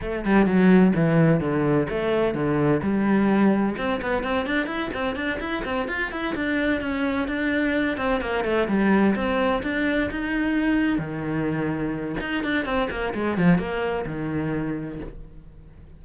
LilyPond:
\new Staff \with { instrumentName = "cello" } { \time 4/4 \tempo 4 = 128 a8 g8 fis4 e4 d4 | a4 d4 g2 | c'8 b8 c'8 d'8 e'8 c'8 d'8 e'8 | c'8 f'8 e'8 d'4 cis'4 d'8~ |
d'4 c'8 ais8 a8 g4 c'8~ | c'8 d'4 dis'2 dis8~ | dis2 dis'8 d'8 c'8 ais8 | gis8 f8 ais4 dis2 | }